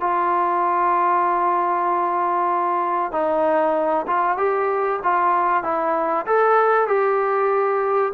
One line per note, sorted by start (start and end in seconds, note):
0.00 3.12 F4
3.12 4.05 D#4
4.07 4.37 F4
4.37 4.99 G4
5.03 5.63 F4
5.63 6.26 E4
6.26 6.87 A4
6.87 8.12 G4